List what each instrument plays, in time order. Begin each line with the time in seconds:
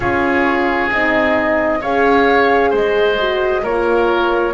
0.00 double bass C#4, horn F4, oboe G#4, flute C#5
0.91 double bass C4, horn D#4, flute D#5
1.81 double bass C#4, horn G#4, oboe C#5, flute F5
2.70 double bass G#3, oboe C5, flute D#5
3.18 horn F#4
3.62 double bass A#3, horn F4, oboe A#4, flute C#5